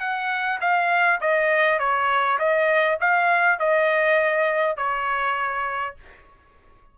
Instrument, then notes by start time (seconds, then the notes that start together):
trumpet
0.00 F#5
0.61 F5
1.21 D#5
1.79 C#5
2.39 D#5
3.00 F5
3.59 D#5
4.77 C#5